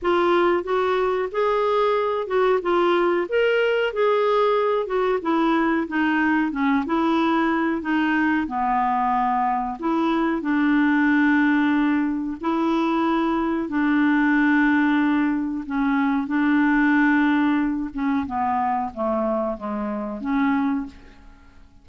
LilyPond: \new Staff \with { instrumentName = "clarinet" } { \time 4/4 \tempo 4 = 92 f'4 fis'4 gis'4. fis'8 | f'4 ais'4 gis'4. fis'8 | e'4 dis'4 cis'8 e'4. | dis'4 b2 e'4 |
d'2. e'4~ | e'4 d'2. | cis'4 d'2~ d'8 cis'8 | b4 a4 gis4 cis'4 | }